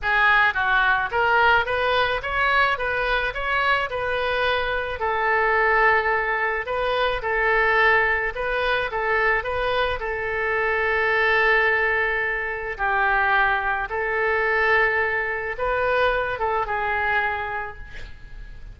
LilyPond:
\new Staff \with { instrumentName = "oboe" } { \time 4/4 \tempo 4 = 108 gis'4 fis'4 ais'4 b'4 | cis''4 b'4 cis''4 b'4~ | b'4 a'2. | b'4 a'2 b'4 |
a'4 b'4 a'2~ | a'2. g'4~ | g'4 a'2. | b'4. a'8 gis'2 | }